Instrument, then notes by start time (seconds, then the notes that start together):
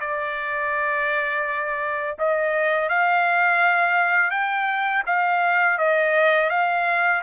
trumpet
0.00 D5
2.19 D#5
2.89 F5
4.30 G5
5.06 F5
5.78 D#5
6.50 F5